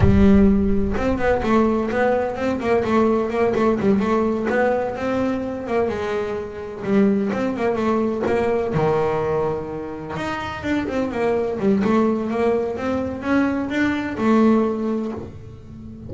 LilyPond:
\new Staff \with { instrumentName = "double bass" } { \time 4/4 \tempo 4 = 127 g2 c'8 b8 a4 | b4 c'8 ais8 a4 ais8 a8 | g8 a4 b4 c'4. | ais8 gis2 g4 c'8 |
ais8 a4 ais4 dis4.~ | dis4. dis'4 d'8 c'8 ais8~ | ais8 g8 a4 ais4 c'4 | cis'4 d'4 a2 | }